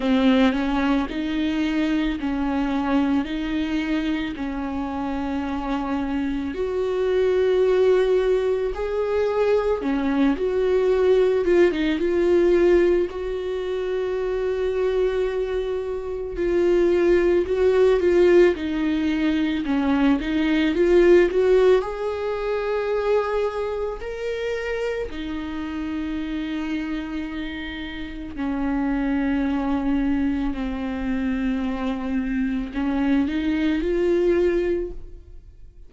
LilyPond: \new Staff \with { instrumentName = "viola" } { \time 4/4 \tempo 4 = 55 c'8 cis'8 dis'4 cis'4 dis'4 | cis'2 fis'2 | gis'4 cis'8 fis'4 f'16 dis'16 f'4 | fis'2. f'4 |
fis'8 f'8 dis'4 cis'8 dis'8 f'8 fis'8 | gis'2 ais'4 dis'4~ | dis'2 cis'2 | c'2 cis'8 dis'8 f'4 | }